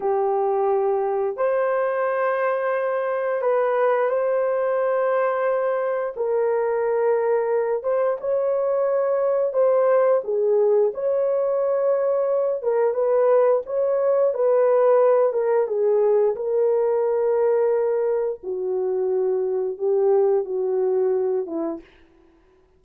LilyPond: \new Staff \with { instrumentName = "horn" } { \time 4/4 \tempo 4 = 88 g'2 c''2~ | c''4 b'4 c''2~ | c''4 ais'2~ ais'8 c''8 | cis''2 c''4 gis'4 |
cis''2~ cis''8 ais'8 b'4 | cis''4 b'4. ais'8 gis'4 | ais'2. fis'4~ | fis'4 g'4 fis'4. e'8 | }